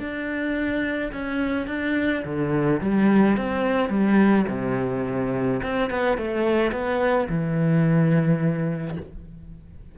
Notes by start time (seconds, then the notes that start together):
0.00 D4
1.12 C#4
1.67 D4
2.25 D3
2.81 G3
3.37 C4
3.89 G3
4.49 C3
5.63 C4
5.90 B3
6.18 A3
6.72 B3
7.29 E3